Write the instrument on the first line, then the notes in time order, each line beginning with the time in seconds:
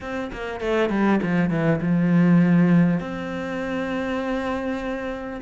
cello
0.00 C4
0.32 A#3
0.60 A3
0.89 G3
1.22 F3
1.49 E3
1.81 F3
3.00 C4